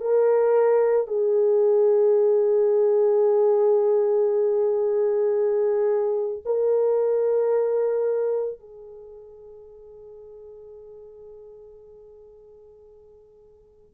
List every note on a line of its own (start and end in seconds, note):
0.00 1.07 A#4
1.07 6.42 G#4
6.45 8.59 A#4
8.59 13.94 G#4